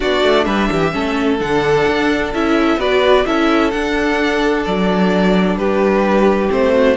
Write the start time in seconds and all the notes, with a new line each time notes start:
0.00 B3 D4 F#4 D5
0.23 A3
0.44 G3 B4 E5
0.70 E3 G4
0.92 A3 C#4 A4
1.38 D3 D4 F#5
1.87 D4
2.34 C#4 E4 E5
2.76 B3 F#4 B4 D5
3.25 C#4 E4 A4 E5
3.70 D4 F#5
4.64 F#3 D5
5.56 G3 G4 B4
6.48 A3 C4 C5
6.72 F#4